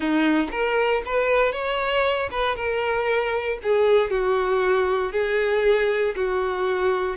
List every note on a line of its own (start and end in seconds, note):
0.00 0.48 D#4
0.51 1.02 A#4
1.05 1.52 B4
1.52 2.29 C#5
2.31 2.56 B4
2.56 3.58 A#4
3.62 4.10 G#4
4.10 5.12 F#4
5.12 6.14 G#4
6.15 7.16 F#4